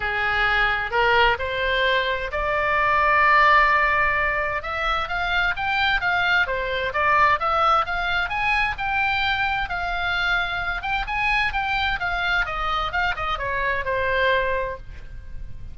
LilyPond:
\new Staff \with { instrumentName = "oboe" } { \time 4/4 \tempo 4 = 130 gis'2 ais'4 c''4~ | c''4 d''2.~ | d''2 e''4 f''4 | g''4 f''4 c''4 d''4 |
e''4 f''4 gis''4 g''4~ | g''4 f''2~ f''8 g''8 | gis''4 g''4 f''4 dis''4 | f''8 dis''8 cis''4 c''2 | }